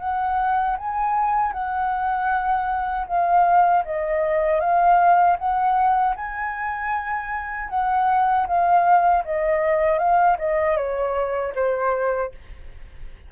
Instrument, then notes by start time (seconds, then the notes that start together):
flute
0.00 F#5
0.78 G#5
1.53 F#5
3.08 F5
3.85 D#5
4.61 F5
5.39 F#5
6.16 G#5
7.70 F#5
8.48 F5
9.25 D#5
9.99 F5
10.39 D#5
10.77 C#5
11.56 C5